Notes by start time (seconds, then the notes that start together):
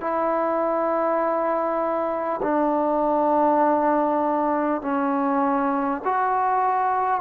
0.00 E4
2.42 D4
4.81 C#4
6.04 F#4